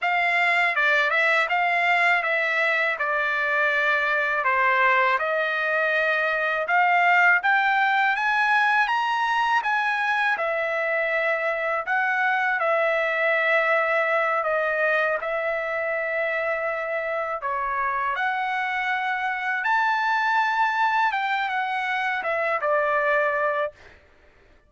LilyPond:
\new Staff \with { instrumentName = "trumpet" } { \time 4/4 \tempo 4 = 81 f''4 d''8 e''8 f''4 e''4 | d''2 c''4 dis''4~ | dis''4 f''4 g''4 gis''4 | ais''4 gis''4 e''2 |
fis''4 e''2~ e''8 dis''8~ | dis''8 e''2. cis''8~ | cis''8 fis''2 a''4.~ | a''8 g''8 fis''4 e''8 d''4. | }